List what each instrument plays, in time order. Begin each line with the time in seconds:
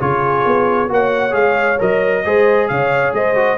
0.00 tuba C#3, trombone F4, horn G#4, trumpet C#5
0.45 tuba B3
0.89 tuba A#3, trombone F#4, horn C#5, trumpet F#5
1.31 tuba G#3, trombone G#4, trumpet F5
1.79 tuba F#3, trombone A#4, trumpet D#5
2.25 tuba G#3, trombone G#4, horn C5
2.68 tuba C#3, horn C#5, trumpet F5
3.13 tuba G#3, horn C5, trumpet D#5
3.35 trombone F#4